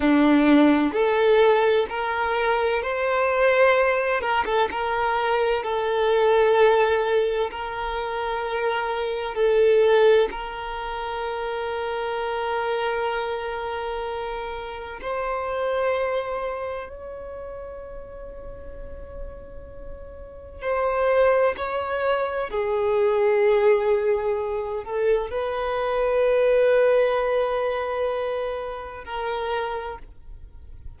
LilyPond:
\new Staff \with { instrumentName = "violin" } { \time 4/4 \tempo 4 = 64 d'4 a'4 ais'4 c''4~ | c''8 ais'16 a'16 ais'4 a'2 | ais'2 a'4 ais'4~ | ais'1 |
c''2 cis''2~ | cis''2 c''4 cis''4 | gis'2~ gis'8 a'8 b'4~ | b'2. ais'4 | }